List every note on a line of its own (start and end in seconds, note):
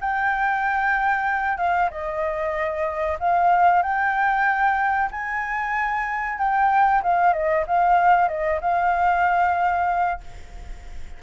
0.00 1.57 G5
1.57 1.89 F5
1.90 3.18 D#5
3.19 3.82 F5
3.82 5.10 G5
5.11 6.38 G#5
6.38 7.02 G5
7.02 7.33 F5
7.33 7.65 D#5
7.67 8.28 F5
8.28 8.60 D#5
8.61 10.20 F5